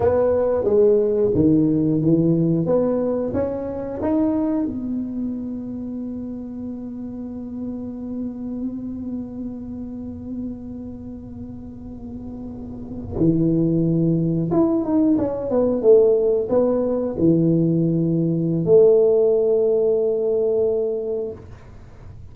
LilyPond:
\new Staff \with { instrumentName = "tuba" } { \time 4/4 \tempo 4 = 90 b4 gis4 dis4 e4 | b4 cis'4 dis'4 b4~ | b1~ | b1~ |
b2.~ b8. e16~ | e4.~ e16 e'8 dis'8 cis'8 b8 a16~ | a8. b4 e2~ e16 | a1 | }